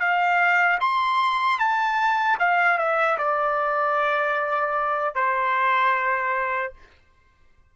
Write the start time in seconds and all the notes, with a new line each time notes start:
0.00 F5
0.80 C6
1.59 A5
2.39 F5
2.78 E5
3.18 D5
5.15 C5